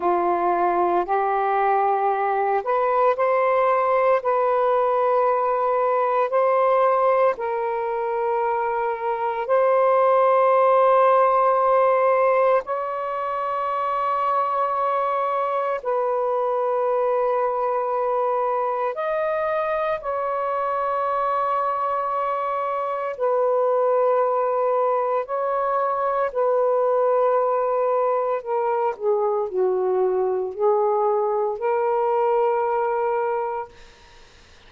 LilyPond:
\new Staff \with { instrumentName = "saxophone" } { \time 4/4 \tempo 4 = 57 f'4 g'4. b'8 c''4 | b'2 c''4 ais'4~ | ais'4 c''2. | cis''2. b'4~ |
b'2 dis''4 cis''4~ | cis''2 b'2 | cis''4 b'2 ais'8 gis'8 | fis'4 gis'4 ais'2 | }